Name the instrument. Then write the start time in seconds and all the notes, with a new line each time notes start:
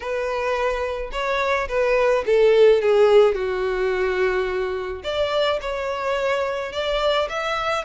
violin
0.00 B4
1.11 C#5
1.68 B4
2.26 A4
2.82 G#4
3.34 F#4
5.03 D5
5.61 C#5
6.72 D5
7.29 E5